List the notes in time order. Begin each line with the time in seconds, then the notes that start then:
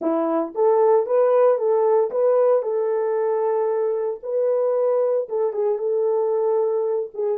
0.01 E4
0.54 A4
1.06 B4
1.58 A4
2.11 B4
2.62 A4
4.22 B4
5.28 A4
5.52 G#4
5.78 A4
7.14 G#4